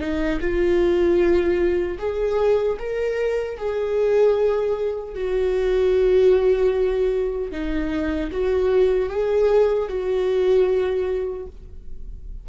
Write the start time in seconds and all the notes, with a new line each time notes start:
0.00 D#4
0.41 F4
1.99 G#4
2.79 A#4
3.57 G#4
5.15 F#4
7.52 D#4
8.31 F#4
9.10 G#4
9.89 F#4